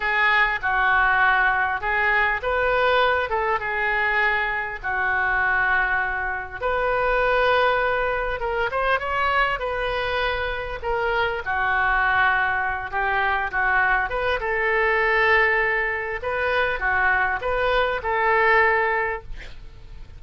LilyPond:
\new Staff \with { instrumentName = "oboe" } { \time 4/4 \tempo 4 = 100 gis'4 fis'2 gis'4 | b'4. a'8 gis'2 | fis'2. b'4~ | b'2 ais'8 c''8 cis''4 |
b'2 ais'4 fis'4~ | fis'4. g'4 fis'4 b'8 | a'2. b'4 | fis'4 b'4 a'2 | }